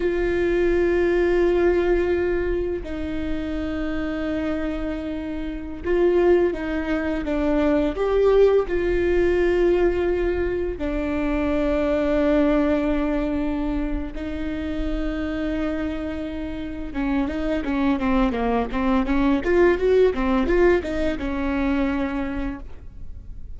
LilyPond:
\new Staff \with { instrumentName = "viola" } { \time 4/4 \tempo 4 = 85 f'1 | dis'1~ | dis'16 f'4 dis'4 d'4 g'8.~ | g'16 f'2. d'8.~ |
d'1 | dis'1 | cis'8 dis'8 cis'8 c'8 ais8 c'8 cis'8 f'8 | fis'8 c'8 f'8 dis'8 cis'2 | }